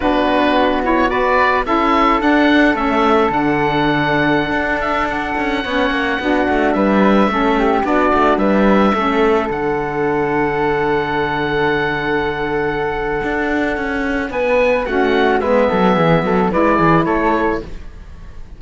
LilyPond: <<
  \new Staff \with { instrumentName = "oboe" } { \time 4/4 \tempo 4 = 109 b'4. cis''8 d''4 e''4 | fis''4 e''4 fis''2~ | fis''8. e''8 fis''2~ fis''8.~ | fis''16 e''2 d''4 e''8.~ |
e''4~ e''16 fis''2~ fis''8.~ | fis''1~ | fis''2 gis''4 fis''4 | e''2 d''4 cis''4 | }
  \new Staff \with { instrumentName = "flute" } { \time 4/4 fis'2 b'4 a'4~ | a'1~ | a'2~ a'16 cis''4 fis'8.~ | fis'16 b'4 a'8 g'8 fis'4 b'8.~ |
b'16 a'2.~ a'8.~ | a'1~ | a'2 b'4 fis'4 | b'8 a'8 gis'8 a'8 b'8 gis'8 a'4 | }
  \new Staff \with { instrumentName = "saxophone" } { \time 4/4 d'4. e'8 fis'4 e'4 | d'4 cis'4 d'2~ | d'2~ d'16 cis'4 d'8.~ | d'4~ d'16 cis'4 d'4.~ d'16~ |
d'16 cis'4 d'2~ d'8.~ | d'1~ | d'2. cis'4 | b2 e'2 | }
  \new Staff \with { instrumentName = "cello" } { \time 4/4 b2. cis'4 | d'4 a4 d2~ | d16 d'4. cis'8 b8 ais8 b8 a16~ | a16 g4 a4 b8 a8 g8.~ |
g16 a4 d2~ d8.~ | d1 | d'4 cis'4 b4 a4 | gis8 fis8 e8 fis8 gis8 e8 a4 | }
>>